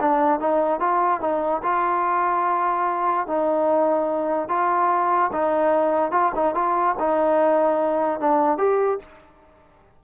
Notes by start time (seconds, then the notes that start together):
0.00 D4
0.40 D#4
0.80 F4
1.21 D#4
1.63 F4
3.27 D#4
4.49 F4
5.32 D#4
6.12 F4
6.35 D#4
6.54 F4
6.99 D#4
8.20 D4
8.58 G4